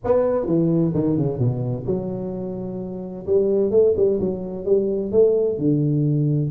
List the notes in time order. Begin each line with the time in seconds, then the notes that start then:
0.04 B3
0.45 E3
0.94 D#3
1.17 C#3
1.38 B2
1.86 F#3
3.26 G3
3.70 A3
3.96 G3
4.20 F#3
4.65 G3
5.11 A3
5.58 D3